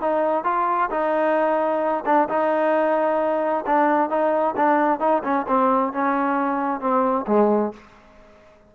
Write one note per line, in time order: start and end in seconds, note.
0.00 0.44 D#4
0.44 0.89 F4
0.90 2.04 D#4
2.05 2.28 D4
2.29 3.65 D#4
3.66 4.09 D4
4.09 4.55 D#4
4.56 5.00 D4
5.00 5.22 D#4
5.23 5.46 C#4
5.48 5.93 C4
5.93 6.80 C#4
6.80 7.25 C4
7.27 7.73 G#3